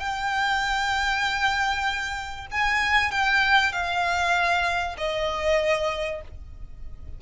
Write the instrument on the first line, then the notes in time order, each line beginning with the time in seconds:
violin
0.00 G5
2.52 G#5
3.12 G5
3.73 F5
4.98 D#5